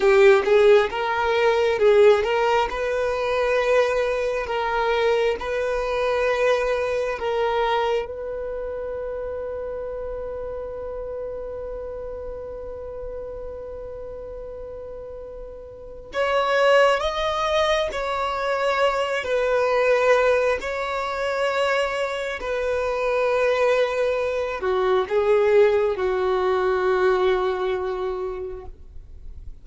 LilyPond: \new Staff \with { instrumentName = "violin" } { \time 4/4 \tempo 4 = 67 g'8 gis'8 ais'4 gis'8 ais'8 b'4~ | b'4 ais'4 b'2 | ais'4 b'2.~ | b'1~ |
b'2 cis''4 dis''4 | cis''4. b'4. cis''4~ | cis''4 b'2~ b'8 fis'8 | gis'4 fis'2. | }